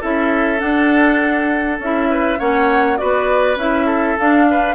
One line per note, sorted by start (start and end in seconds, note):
0.00 0.61 C#4
0.00 0.57 E4
0.00 2.08 A4
0.00 0.59 E5
0.57 1.76 D4
0.57 1.79 D4
0.57 1.78 F#5
1.79 2.38 C#4
1.79 2.38 E4
1.79 2.39 E5
2.10 2.38 B4
2.38 2.99 A#3
2.38 2.96 C#4
2.38 2.98 C#5
2.38 2.97 F#5
2.96 3.56 B3
2.96 3.56 F#4
2.96 3.86 B4
2.96 3.56 D5
3.56 4.15 C#4
3.56 4.18 E4
3.56 4.18 E5
3.86 4.45 A4
4.18 4.74 D4
4.18 4.74 F5
4.50 4.74 B4